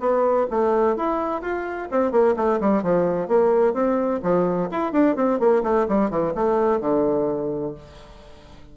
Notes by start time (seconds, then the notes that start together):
0.00 B3
0.50 A3
0.97 E4
1.42 F4
1.91 C4
2.12 A#3
2.37 A3
2.61 G3
2.83 F3
3.28 A#3
3.74 C4
4.23 F3
4.72 E4
4.93 D4
5.16 C4
5.40 A#3
5.63 A3
5.89 G3
6.10 E3
6.35 A3
6.81 D3